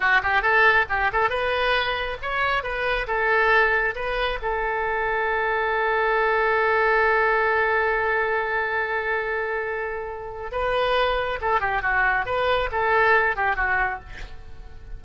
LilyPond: \new Staff \with { instrumentName = "oboe" } { \time 4/4 \tempo 4 = 137 fis'8 g'8 a'4 g'8 a'8 b'4~ | b'4 cis''4 b'4 a'4~ | a'4 b'4 a'2~ | a'1~ |
a'1~ | a'1 | b'2 a'8 g'8 fis'4 | b'4 a'4. g'8 fis'4 | }